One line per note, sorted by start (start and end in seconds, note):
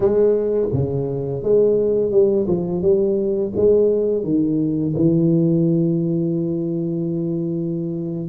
0.00 0.68 G#3
0.73 1.42 C#3
1.42 2.11 G#3
2.11 2.46 G3
2.47 2.81 F3
2.81 3.52 G3
3.56 4.23 G#3
4.23 4.94 D#3
4.95 8.28 E3